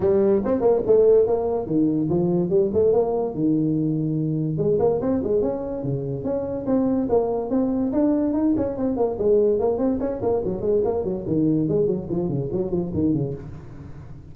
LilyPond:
\new Staff \with { instrumentName = "tuba" } { \time 4/4 \tempo 4 = 144 g4 c'8 ais8 a4 ais4 | dis4 f4 g8 a8 ais4 | dis2. gis8 ais8 | c'8 gis8 cis'4 cis4 cis'4 |
c'4 ais4 c'4 d'4 | dis'8 cis'8 c'8 ais8 gis4 ais8 c'8 | cis'8 ais8 fis8 gis8 ais8 fis8 dis4 | gis8 fis8 f8 cis8 fis8 f8 dis8 cis8 | }